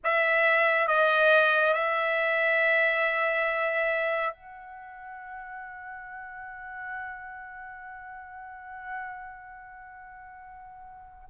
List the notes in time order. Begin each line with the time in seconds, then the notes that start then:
0.04 E5
0.87 D#5
1.73 E5
4.33 F#5